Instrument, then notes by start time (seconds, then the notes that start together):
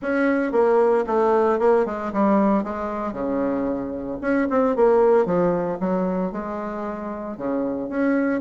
bassoon
0.01 C#4
0.52 A#3
1.06 A3
1.59 A#3
1.85 G#3
2.12 G3
2.63 G#3
3.12 C#3
4.21 C#4
4.50 C4
4.76 A#3
5.25 F3
5.79 F#3
6.32 G#3
7.37 C#3
7.89 C#4